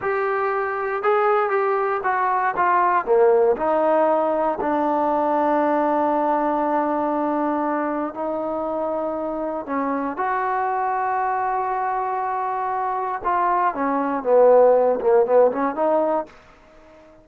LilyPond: \new Staff \with { instrumentName = "trombone" } { \time 4/4 \tempo 4 = 118 g'2 gis'4 g'4 | fis'4 f'4 ais4 dis'4~ | dis'4 d'2.~ | d'1 |
dis'2. cis'4 | fis'1~ | fis'2 f'4 cis'4 | b4. ais8 b8 cis'8 dis'4 | }